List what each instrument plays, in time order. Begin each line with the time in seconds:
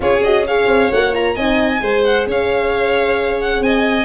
0.00 tuba C#4, horn F4, violin G#4 C#5
0.23 horn F#4, violin D#5
0.46 horn G#4, violin C#5 F5
0.66 tuba C4
0.91 tuba A#3, horn F#4, violin F#5
1.13 horn F4, violin A#5
1.34 tuba C4, horn D#4, violin D#5 G#5
1.81 tuba G#3, horn G#4, violin C5
2.04 violin F#5
2.26 tuba C#4, violin C#5 F5
3.41 violin F#5
3.60 tuba C4, violin D#5 G#5